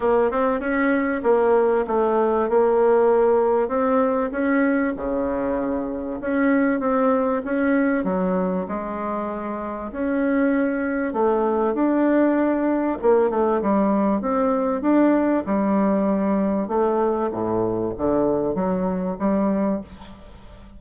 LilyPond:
\new Staff \with { instrumentName = "bassoon" } { \time 4/4 \tempo 4 = 97 ais8 c'8 cis'4 ais4 a4 | ais2 c'4 cis'4 | cis2 cis'4 c'4 | cis'4 fis4 gis2 |
cis'2 a4 d'4~ | d'4 ais8 a8 g4 c'4 | d'4 g2 a4 | a,4 d4 fis4 g4 | }